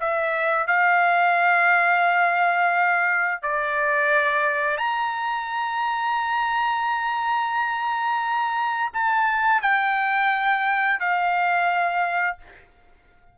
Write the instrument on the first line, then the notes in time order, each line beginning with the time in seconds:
trumpet
0.00 E5
0.67 F5
3.42 D5
4.77 A#5
8.93 A5
9.61 G5
10.99 F5